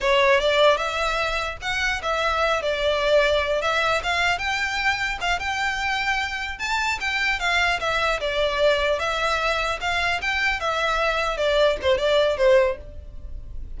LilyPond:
\new Staff \with { instrumentName = "violin" } { \time 4/4 \tempo 4 = 150 cis''4 d''4 e''2 | fis''4 e''4. d''4.~ | d''4 e''4 f''4 g''4~ | g''4 f''8 g''2~ g''8~ |
g''8 a''4 g''4 f''4 e''8~ | e''8 d''2 e''4.~ | e''8 f''4 g''4 e''4.~ | e''8 d''4 c''8 d''4 c''4 | }